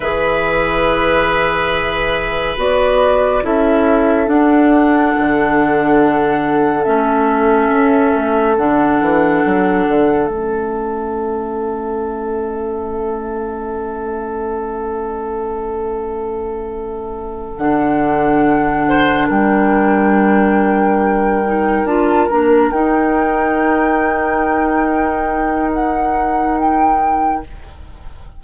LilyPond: <<
  \new Staff \with { instrumentName = "flute" } { \time 4/4 \tempo 4 = 70 e''2. d''4 | e''4 fis''2. | e''2 fis''2 | e''1~ |
e''1~ | e''8 fis''2 g''4.~ | g''4. a''8 ais''8 g''4.~ | g''2 fis''4 g''4 | }
  \new Staff \with { instrumentName = "oboe" } { \time 4/4 b'1 | a'1~ | a'1~ | a'1~ |
a'1~ | a'2 c''8 ais'4.~ | ais'1~ | ais'1 | }
  \new Staff \with { instrumentName = "clarinet" } { \time 4/4 gis'2. fis'4 | e'4 d'2. | cis'2 d'2 | cis'1~ |
cis'1~ | cis'8 d'2.~ d'8~ | d'4 dis'8 f'8 d'8 dis'4.~ | dis'1 | }
  \new Staff \with { instrumentName = "bassoon" } { \time 4/4 e2. b4 | cis'4 d'4 d2 | a4 cis'8 a8 d8 e8 fis8 d8 | a1~ |
a1~ | a8 d2 g4.~ | g4. d'8 ais8 dis'4.~ | dis'1 | }
>>